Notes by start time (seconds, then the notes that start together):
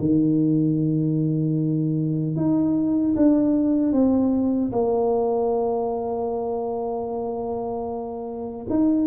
0.00 D#3
2.36 D#4
3.16 D4
3.93 C4
4.72 A#3
8.70 D#4